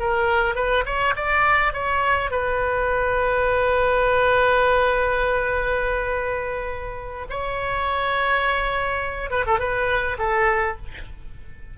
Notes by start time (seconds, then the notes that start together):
0.00 A#4
0.56 B4
0.86 C#5
1.17 D5
1.74 C#5
2.31 B4
7.30 C#5
9.31 B4
9.47 A4
9.60 B4
10.19 A4